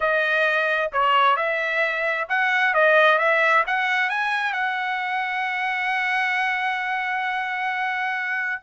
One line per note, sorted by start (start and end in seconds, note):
0.00 0.91 D#5
0.92 1.36 C#5
1.36 2.27 E5
2.29 2.74 F#5
2.74 3.18 D#5
3.18 3.64 E5
3.66 4.09 F#5
4.09 4.52 G#5
4.52 8.61 F#5